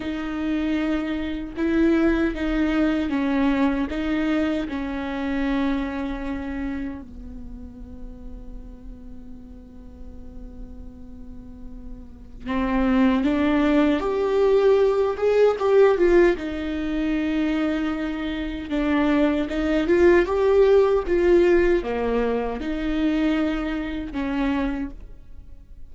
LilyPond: \new Staff \with { instrumentName = "viola" } { \time 4/4 \tempo 4 = 77 dis'2 e'4 dis'4 | cis'4 dis'4 cis'2~ | cis'4 b2.~ | b1 |
c'4 d'4 g'4. gis'8 | g'8 f'8 dis'2. | d'4 dis'8 f'8 g'4 f'4 | ais4 dis'2 cis'4 | }